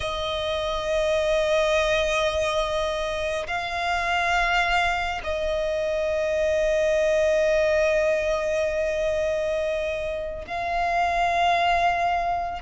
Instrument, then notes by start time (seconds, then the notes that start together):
violin
0.00 D#5
3.47 F5
5.23 D#5
10.47 F5